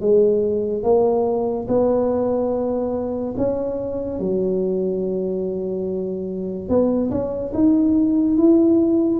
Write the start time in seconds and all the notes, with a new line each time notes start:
0.00 G#3
0.83 A#3
1.68 B3
3.37 C#4
4.19 F#3
6.69 B3
7.11 C#4
7.54 D#4
8.37 E4